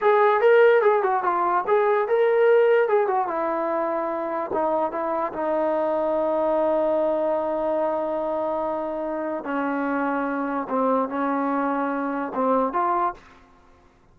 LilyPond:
\new Staff \with { instrumentName = "trombone" } { \time 4/4 \tempo 4 = 146 gis'4 ais'4 gis'8 fis'8 f'4 | gis'4 ais'2 gis'8 fis'8 | e'2. dis'4 | e'4 dis'2.~ |
dis'1~ | dis'2. cis'4~ | cis'2 c'4 cis'4~ | cis'2 c'4 f'4 | }